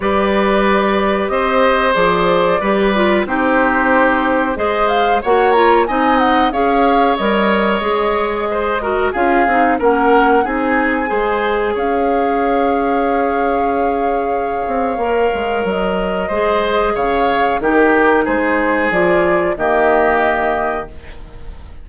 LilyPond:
<<
  \new Staff \with { instrumentName = "flute" } { \time 4/4 \tempo 4 = 92 d''2 dis''4 d''4~ | d''4 c''2 dis''8 f''8 | fis''8 ais''8 gis''8 fis''8 f''4 dis''4~ | dis''2 f''4 fis''4 |
gis''2 f''2~ | f''1 | dis''2 f''4 ais'4 | c''4 d''4 dis''2 | }
  \new Staff \with { instrumentName = "oboe" } { \time 4/4 b'2 c''2 | b'4 g'2 c''4 | cis''4 dis''4 cis''2~ | cis''4 c''8 ais'8 gis'4 ais'4 |
gis'4 c''4 cis''2~ | cis''1~ | cis''4 c''4 cis''4 g'4 | gis'2 g'2 | }
  \new Staff \with { instrumentName = "clarinet" } { \time 4/4 g'2. gis'4 | g'8 f'8 dis'2 gis'4 | fis'8 f'8 dis'4 gis'4 ais'4 | gis'4. fis'8 f'8 dis'8 cis'4 |
dis'4 gis'2.~ | gis'2. ais'4~ | ais'4 gis'2 dis'4~ | dis'4 f'4 ais2 | }
  \new Staff \with { instrumentName = "bassoon" } { \time 4/4 g2 c'4 f4 | g4 c'2 gis4 | ais4 c'4 cis'4 g4 | gis2 cis'8 c'8 ais4 |
c'4 gis4 cis'2~ | cis'2~ cis'8 c'8 ais8 gis8 | fis4 gis4 cis4 dis4 | gis4 f4 dis2 | }
>>